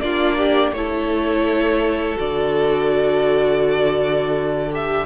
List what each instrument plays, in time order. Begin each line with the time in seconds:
0.00 cello A#3, viola D4, violin F4 D5
0.37 violin G4
0.71 cello A3, viola E4, violin A4 C#5
2.17 cello D3, viola F#4, violin D5
4.71 viola G4, violin E5